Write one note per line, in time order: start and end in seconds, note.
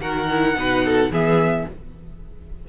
0.00 0.56 D#3
0.00 0.29 F#4
0.00 0.57 A#4
0.00 1.12 F#5
0.31 0.56 E4
0.56 1.10 B2
0.56 1.11 D#4
0.56 0.86 B4
0.86 1.12 A4
1.10 1.65 E3
1.10 1.68 B3
1.10 1.68 G#4
1.10 1.69 E5